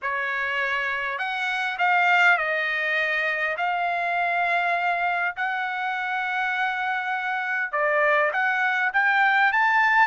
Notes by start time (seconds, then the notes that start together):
0.02 C#5
1.18 F#5
1.78 F5
2.37 D#5
3.57 F5
5.36 F#5
7.71 D5
8.32 F#5
8.93 G5
9.52 A5